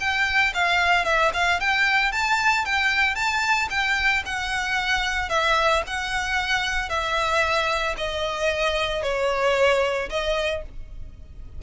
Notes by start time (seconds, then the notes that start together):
0.00 G5
0.54 F5
1.05 E5
1.33 F5
1.60 G5
2.12 A5
2.65 G5
3.15 A5
3.70 G5
4.26 F#5
5.29 E5
5.87 F#5
6.89 E5
7.97 D#5
9.03 C#5
10.09 D#5